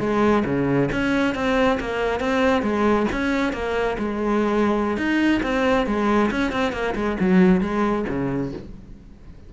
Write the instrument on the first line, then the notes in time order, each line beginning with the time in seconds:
cello
0.00 G#3
0.46 C#3
0.93 C#4
1.35 C4
1.81 A#3
2.20 C4
2.63 G#3
3.13 C#4
3.53 A#3
3.99 G#3
4.98 D#4
5.43 C4
5.87 G#3
6.31 C#4
6.52 C4
6.73 A#3
6.96 G#3
7.21 F#3
7.61 G#3
8.09 C#3